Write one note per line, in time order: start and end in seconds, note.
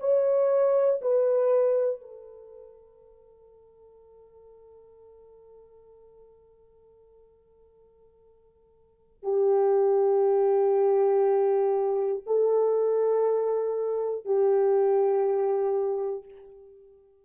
0.00 1.00 C#5
1.01 2.01 B4
2.01 9.23 A4
9.23 12.23 G4
12.26 14.25 A4
14.25 16.25 G4